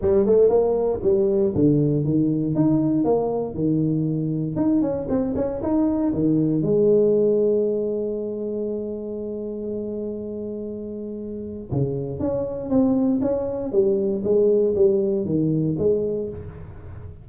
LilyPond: \new Staff \with { instrumentName = "tuba" } { \time 4/4 \tempo 4 = 118 g8 a8 ais4 g4 d4 | dis4 dis'4 ais4 dis4~ | dis4 dis'8 cis'8 c'8 cis'8 dis'4 | dis4 gis2.~ |
gis1~ | gis2. cis4 | cis'4 c'4 cis'4 g4 | gis4 g4 dis4 gis4 | }